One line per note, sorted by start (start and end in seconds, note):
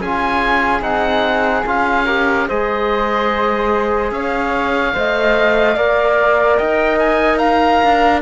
0.00 0.81 C#4
0.00 0.81 F4
0.00 2.05 G#4
0.00 0.82 G#5
0.81 1.63 C4
0.81 1.63 D#4
0.81 1.64 F#5
1.66 2.48 C#4
1.66 2.07 F4
1.66 2.49 F5
2.05 2.48 G4
2.05 2.46 A#4
2.48 4.11 G#3
2.48 4.93 G#4
2.48 4.12 C5
2.48 4.12 D#5
4.11 4.93 C#4
4.11 4.95 C#5
4.11 6.57 F5
4.93 5.76 A3
4.93 5.76 C5
4.93 5.77 D#5
5.76 6.58 A#3
5.76 8.21 A#4
5.76 6.58 D5
6.57 7.83 D#4
6.57 7.38 D#5
6.57 6.98 G5
6.99 7.38 G#5
7.38 8.20 F5
7.38 8.20 A#5
7.83 8.21 D4